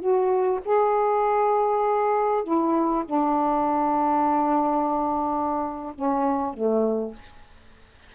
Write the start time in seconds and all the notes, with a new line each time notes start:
0.00 F#4
0.66 G#4
2.44 E4
3.06 D4
5.95 C#4
6.54 A3